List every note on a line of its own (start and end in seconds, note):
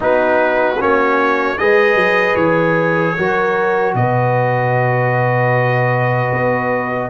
0.00 0.80 B3
0.00 0.76 D#4
0.00 1.59 F#4
0.00 0.81 B4
0.79 1.59 A#3
0.79 1.58 C#4
0.79 1.57 C#5
1.57 1.94 G#3
1.57 3.17 G#4
1.57 3.17 B4
1.57 2.35 D#5
1.94 2.34 F#3
2.35 3.14 E3
2.35 3.93 C#5
3.17 3.94 F#3
3.17 7.09 F#4
3.17 3.96 A#4
3.94 6.31 B2
3.94 7.09 B4
3.94 7.09 D#5
6.31 7.09 B3